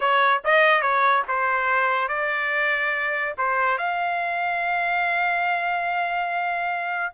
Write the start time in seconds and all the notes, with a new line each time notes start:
0.00 C#5
0.44 D#5
0.81 C#5
1.28 C5
2.08 D5
3.37 C5
3.78 F5